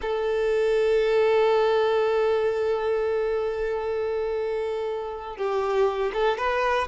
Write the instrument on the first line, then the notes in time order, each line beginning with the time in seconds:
violin
0.01 A4
5.36 G4
6.13 A4
6.37 B4